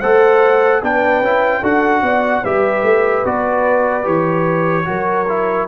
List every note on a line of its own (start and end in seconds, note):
0.00 0.82 A3
0.00 0.83 A4
0.00 0.81 C5
0.00 0.81 F#5
0.82 1.20 B3
0.82 1.23 D4
0.82 1.60 B4
0.82 1.65 G5
1.20 1.61 C#4
1.20 1.63 E4
1.60 2.02 D4
1.60 2.44 F#4
1.60 2.01 A4
1.60 2.44 F#5
2.02 2.42 B3
2.02 2.42 D5
2.42 2.82 G3
2.42 3.25 G4
2.42 4.85 B4
2.42 3.25 E5
2.82 3.23 A3
3.24 4.05 B3
3.24 4.03 F#4
3.24 4.06 D5
4.03 4.86 E3
4.03 4.84 G4
4.03 5.67 C#5
4.85 5.67 F#3
4.85 5.25 F#4
4.85 5.67 A#4
5.28 5.67 E4